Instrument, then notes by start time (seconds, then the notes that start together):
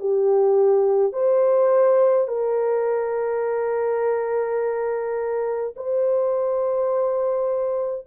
horn
0.00 G4
1.13 C5
2.28 A#4
5.76 C5